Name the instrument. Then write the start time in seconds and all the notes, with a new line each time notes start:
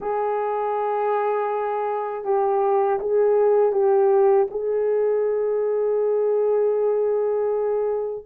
horn
0.00 G#4
2.24 G4
2.99 G#4
3.72 G4
4.50 G#4